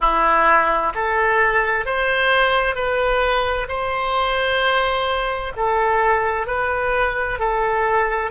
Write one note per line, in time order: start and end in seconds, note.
0.00 0.93 E4
0.94 1.85 A4
1.85 2.74 C5
2.74 3.67 B4
3.68 5.53 C5
5.56 6.46 A4
6.46 7.38 B4
7.39 8.31 A4